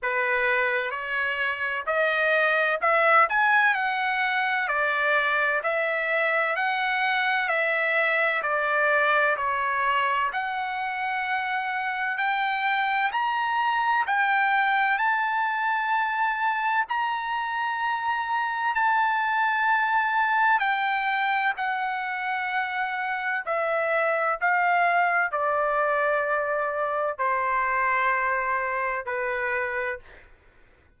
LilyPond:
\new Staff \with { instrumentName = "trumpet" } { \time 4/4 \tempo 4 = 64 b'4 cis''4 dis''4 e''8 gis''8 | fis''4 d''4 e''4 fis''4 | e''4 d''4 cis''4 fis''4~ | fis''4 g''4 ais''4 g''4 |
a''2 ais''2 | a''2 g''4 fis''4~ | fis''4 e''4 f''4 d''4~ | d''4 c''2 b'4 | }